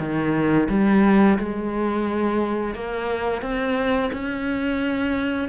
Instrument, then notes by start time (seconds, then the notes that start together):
cello
0.00 D#3
0.70 G3
1.39 G#3
2.75 A#3
3.42 C4
4.13 C#4